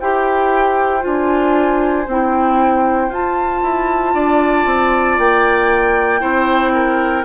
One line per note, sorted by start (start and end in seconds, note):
0.00 1.05 E4
0.00 1.00 G4
0.00 4.14 C5
0.00 1.03 G5
1.00 2.07 D4
1.00 2.04 F4
1.00 2.08 G#5
2.07 3.09 C4
2.07 3.11 E4
2.07 3.13 G5
3.09 3.60 F4
3.09 6.20 F4
3.09 5.19 A5
3.63 4.14 E4
4.14 4.66 D4
4.14 6.20 D5
4.66 5.17 C4
5.18 6.21 A#3
5.18 7.25 G5
6.20 7.25 C4
6.20 7.23 E4
6.20 6.72 C5
6.74 7.25 A#4